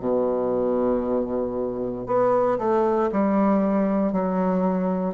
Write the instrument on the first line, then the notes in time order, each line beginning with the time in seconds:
bassoon
0.00 B2
2.07 B3
2.59 A3
3.12 G3
4.12 F#3